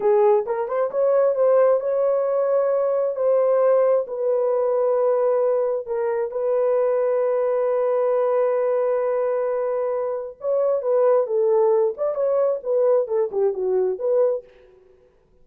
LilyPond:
\new Staff \with { instrumentName = "horn" } { \time 4/4 \tempo 4 = 133 gis'4 ais'8 c''8 cis''4 c''4 | cis''2. c''4~ | c''4 b'2.~ | b'4 ais'4 b'2~ |
b'1~ | b'2. cis''4 | b'4 a'4. d''8 cis''4 | b'4 a'8 g'8 fis'4 b'4 | }